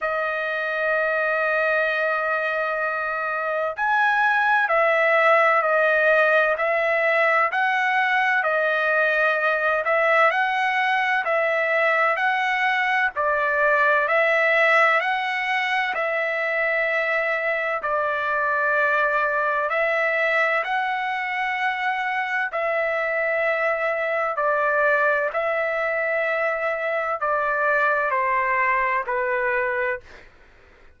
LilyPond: \new Staff \with { instrumentName = "trumpet" } { \time 4/4 \tempo 4 = 64 dis''1 | gis''4 e''4 dis''4 e''4 | fis''4 dis''4. e''8 fis''4 | e''4 fis''4 d''4 e''4 |
fis''4 e''2 d''4~ | d''4 e''4 fis''2 | e''2 d''4 e''4~ | e''4 d''4 c''4 b'4 | }